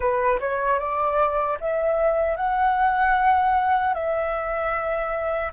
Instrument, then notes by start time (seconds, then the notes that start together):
flute
0.00 B4
0.39 C#5
0.79 D5
1.60 E5
2.36 F#5
3.94 E5